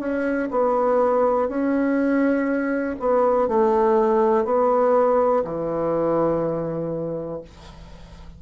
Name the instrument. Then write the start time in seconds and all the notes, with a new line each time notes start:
bassoon
0.00 C#4
0.51 B3
1.49 C#4
3.00 B3
3.49 A3
4.45 B3
5.45 E3